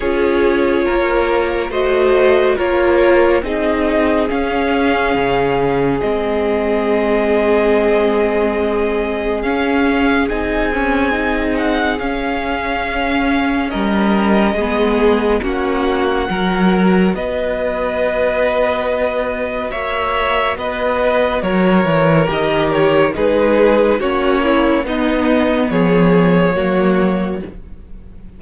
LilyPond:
<<
  \new Staff \with { instrumentName = "violin" } { \time 4/4 \tempo 4 = 70 cis''2 dis''4 cis''4 | dis''4 f''2 dis''4~ | dis''2. f''4 | gis''4. fis''8 f''2 |
dis''2 fis''2 | dis''2. e''4 | dis''4 cis''4 dis''8 cis''8 b'4 | cis''4 dis''4 cis''2 | }
  \new Staff \with { instrumentName = "violin" } { \time 4/4 gis'4 ais'4 c''4 ais'4 | gis'1~ | gis'1~ | gis'1 |
ais'4 gis'4 fis'4 ais'4 | b'2. cis''4 | b'4 ais'2 gis'4 | fis'8 e'8 dis'4 gis'4 fis'4 | }
  \new Staff \with { instrumentName = "viola" } { \time 4/4 f'2 fis'4 f'4 | dis'4 cis'2 c'4~ | c'2. cis'4 | dis'8 cis'8 dis'4 cis'2~ |
cis'4 b4 cis'4 fis'4~ | fis'1~ | fis'2 g'4 dis'4 | cis'4 b2 ais4 | }
  \new Staff \with { instrumentName = "cello" } { \time 4/4 cis'4 ais4 a4 ais4 | c'4 cis'4 cis4 gis4~ | gis2. cis'4 | c'2 cis'2 |
g4 gis4 ais4 fis4 | b2. ais4 | b4 fis8 e8 dis4 gis4 | ais4 b4 f4 fis4 | }
>>